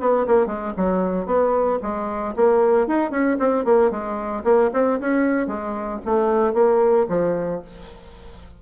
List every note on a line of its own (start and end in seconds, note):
0.00 0.26 B3
0.27 0.46 A#3
0.46 0.72 G#3
0.77 1.26 F#3
1.26 1.79 B3
1.82 2.35 G#3
2.36 2.87 A#3
2.87 3.11 D#4
3.11 3.37 C#4
3.39 3.65 C4
3.65 3.91 A#3
3.91 4.43 G#3
4.44 4.70 A#3
4.73 5.00 C4
5.00 5.47 C#4
5.47 6.00 G#3
6.05 6.54 A3
6.54 7.06 A#3
7.09 7.61 F3